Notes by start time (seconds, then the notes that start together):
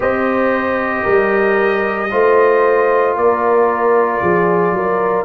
0.00 C4 G4 C5 D#5
1.03 G3 A#4
2.10 A3 F4 C5
3.15 A#3 A#4 D5
4.21 F3 G#4
4.71 F#3 A#4